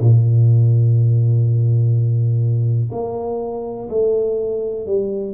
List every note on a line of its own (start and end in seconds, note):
0.00 2.90 A#2
2.92 3.88 A#3
3.89 4.86 A3
4.86 5.34 G3